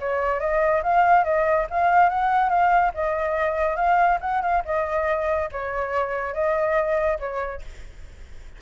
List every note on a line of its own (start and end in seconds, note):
0.00 0.40 C#5
0.40 0.82 D#5
0.83 1.24 F5
1.24 1.67 D#5
1.70 2.09 F5
2.09 2.49 F#5
2.49 2.92 F5
2.94 3.76 D#5
3.76 4.19 F5
4.21 4.42 F#5
4.42 4.63 F5
4.65 5.50 D#5
5.52 6.34 C#5
6.34 7.18 D#5
7.19 7.62 C#5